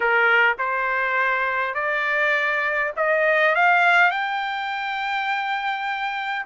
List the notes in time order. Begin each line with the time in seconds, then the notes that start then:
0.00 A#4
0.58 C5
1.74 D5
2.96 D#5
3.55 F5
4.10 G5